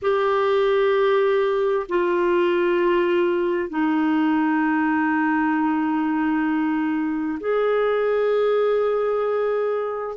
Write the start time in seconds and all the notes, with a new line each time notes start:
0.02 G4
1.88 F4
3.69 D#4
7.39 G#4